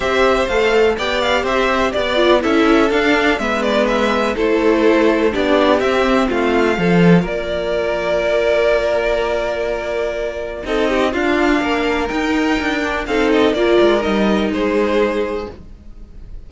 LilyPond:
<<
  \new Staff \with { instrumentName = "violin" } { \time 4/4 \tempo 4 = 124 e''4 f''4 g''8 f''8 e''4 | d''4 e''4 f''4 e''8 d''8 | e''4 c''2 d''4 | e''4 f''2 d''4~ |
d''1~ | d''2 dis''4 f''4~ | f''4 g''2 f''8 dis''8 | d''4 dis''4 c''2 | }
  \new Staff \with { instrumentName = "violin" } { \time 4/4 c''2 d''4 c''4 | d''4 a'2 b'4~ | b'4 a'2 g'4~ | g'4 f'4 a'4 ais'4~ |
ais'1~ | ais'2 a'8 g'8 f'4 | ais'2. a'4 | ais'2 gis'2 | }
  \new Staff \with { instrumentName = "viola" } { \time 4/4 g'4 a'4 g'2~ | g'8 f'8 e'4 d'4 b4~ | b4 e'2 d'4 | c'2 f'2~ |
f'1~ | f'2 dis'4 d'4~ | d'4 dis'4. d'8 dis'4 | f'4 dis'2. | }
  \new Staff \with { instrumentName = "cello" } { \time 4/4 c'4 a4 b4 c'4 | b4 cis'4 d'4 gis4~ | gis4 a2 b4 | c'4 a4 f4 ais4~ |
ais1~ | ais2 c'4 d'4 | ais4 dis'4 d'4 c'4 | ais8 gis8 g4 gis2 | }
>>